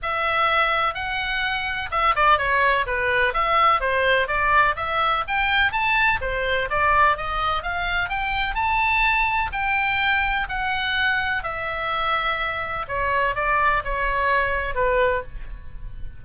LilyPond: \new Staff \with { instrumentName = "oboe" } { \time 4/4 \tempo 4 = 126 e''2 fis''2 | e''8 d''8 cis''4 b'4 e''4 | c''4 d''4 e''4 g''4 | a''4 c''4 d''4 dis''4 |
f''4 g''4 a''2 | g''2 fis''2 | e''2. cis''4 | d''4 cis''2 b'4 | }